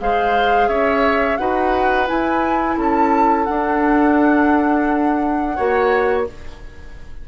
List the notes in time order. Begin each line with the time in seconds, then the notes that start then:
0.00 G#3 G#4 C5 F5
0.68 C#4 C#5 E5
1.37 D#4 F#4 B4 F#5
2.07 E4 G#5
2.78 C#4 A4 A5
3.45 D4 F#5
5.56 A#3 F#4 C#5